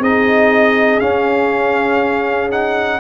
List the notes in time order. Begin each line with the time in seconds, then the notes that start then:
0.00 C4 D#4 G#4 D#5
1.00 C#4 F5
2.51 D#4 F#5